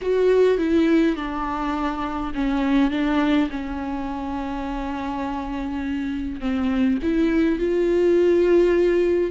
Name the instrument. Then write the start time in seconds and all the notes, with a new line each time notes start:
viola
0.01 F#4
0.58 E4
1.16 D4
2.34 C#4
2.90 D4
3.50 C#4
6.40 C4
7.02 E4
7.58 F4